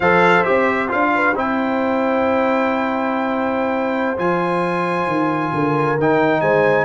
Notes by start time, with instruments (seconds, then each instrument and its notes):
0.00 tuba F3, trombone A4, horn C5, trumpet F5
0.43 tuba C4, trombone G4, trumpet E5
0.88 tuba D4, trombone F4, trumpet F5
1.14 horn B4
1.35 tuba C4, trombone E4, horn C5, trumpet G5
4.17 tuba F3, trombone F4, trumpet G#5
5.06 tuba D#3
5.53 tuba D3, horn A#4
5.98 tuba D#3, trombone D#4, trumpet G5
6.40 tuba G#3, horn C5, trumpet G#5